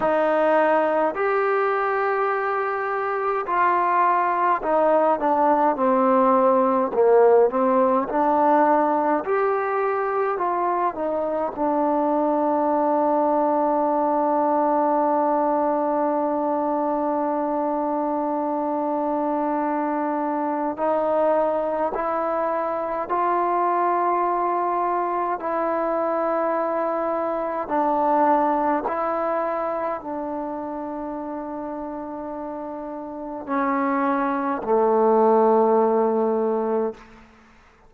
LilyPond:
\new Staff \with { instrumentName = "trombone" } { \time 4/4 \tempo 4 = 52 dis'4 g'2 f'4 | dis'8 d'8 c'4 ais8 c'8 d'4 | g'4 f'8 dis'8 d'2~ | d'1~ |
d'2 dis'4 e'4 | f'2 e'2 | d'4 e'4 d'2~ | d'4 cis'4 a2 | }